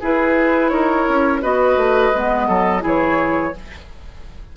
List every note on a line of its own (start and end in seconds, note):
0.00 0.71 E4
0.00 1.42 E4
0.00 0.71 G#4
0.00 0.69 B4
0.69 1.06 D#4
0.69 1.41 A#4
0.69 1.39 C#5
1.08 1.43 C#4
1.41 1.76 B3
1.41 2.12 F#4
1.41 2.47 B4
1.41 2.84 D#5
1.76 2.12 A3
2.13 2.48 G#3
2.13 2.80 B3
2.47 2.83 F#3
2.47 2.82 A4
2.80 3.54 E3
2.80 3.51 E4
2.80 3.53 G#4
2.80 3.56 C#5